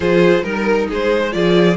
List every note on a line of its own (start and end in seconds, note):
0.00 0.42 F3
0.00 0.43 F4
0.00 0.43 G#4
0.00 0.43 C5
0.43 0.88 G3
0.43 1.31 D#4
0.43 0.87 A#4
0.89 1.34 G#3
0.89 1.22 G#4
0.89 1.32 C5
1.23 1.34 C5
1.31 1.77 F3
1.31 1.75 F4
1.31 1.77 G#4
1.31 1.76 D5